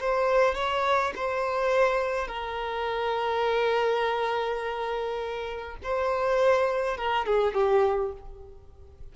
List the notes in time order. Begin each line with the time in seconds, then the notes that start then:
0.00 C5
0.55 C#5
1.16 C5
2.27 A#4
5.83 C5
6.97 A#4
7.26 G#4
7.54 G4